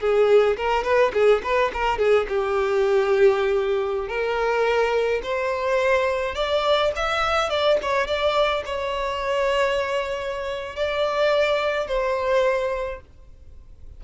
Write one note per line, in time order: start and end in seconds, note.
0.00 0.57 G#4
0.57 0.84 A#4
0.84 1.12 B4
1.13 1.42 G#4
1.43 1.72 B4
1.73 1.98 A#4
1.98 2.27 G#4
2.28 4.08 G4
4.08 5.22 A#4
5.23 6.35 C5
6.35 6.92 D5
6.96 7.49 E5
7.49 7.78 D5
7.82 8.07 C#5
8.07 8.63 D5
8.66 10.76 C#5
10.76 11.87 D5
11.87 13.01 C5